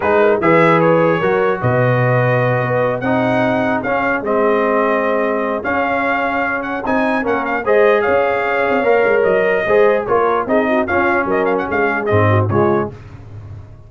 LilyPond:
<<
  \new Staff \with { instrumentName = "trumpet" } { \time 4/4 \tempo 4 = 149 b'4 e''4 cis''2 | dis''2.~ dis''8 fis''8~ | fis''4. f''4 dis''4.~ | dis''2 f''2~ |
f''8 fis''8 gis''4 fis''8 f''8 dis''4 | f''2. dis''4~ | dis''4 cis''4 dis''4 f''4 | dis''8 f''16 fis''16 f''4 dis''4 cis''4 | }
  \new Staff \with { instrumentName = "horn" } { \time 4/4 gis'8 ais'8 b'2 ais'4 | b'2.~ b'8 gis'8~ | gis'1~ | gis'1~ |
gis'2 ais'4 c''4 | cis''1 | c''4 ais'4 gis'8 fis'8 f'4 | ais'4 gis'4. fis'8 f'4 | }
  \new Staff \with { instrumentName = "trombone" } { \time 4/4 dis'4 gis'2 fis'4~ | fis'2.~ fis'8 dis'8~ | dis'4. cis'4 c'4.~ | c'2 cis'2~ |
cis'4 dis'4 cis'4 gis'4~ | gis'2 ais'2 | gis'4 f'4 dis'4 cis'4~ | cis'2 c'4 gis4 | }
  \new Staff \with { instrumentName = "tuba" } { \time 4/4 gis4 e2 fis4 | b,2~ b,8 b4 c'8~ | c'4. cis'4 gis4.~ | gis2 cis'2~ |
cis'4 c'4 ais4 gis4 | cis'4. c'8 ais8 gis8 fis4 | gis4 ais4 c'4 cis'4 | fis4 gis4 gis,4 cis4 | }
>>